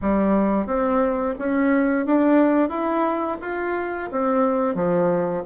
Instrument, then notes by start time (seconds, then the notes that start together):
bassoon
0.01 G3
0.66 C4
1.38 C#4
2.06 D4
2.69 E4
3.41 F4
4.11 C4
4.74 F3